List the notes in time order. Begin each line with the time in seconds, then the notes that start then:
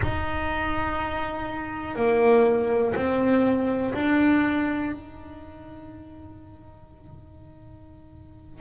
0.01 D#4
1.95 A#3
2.95 C4
3.93 D4
4.92 D#4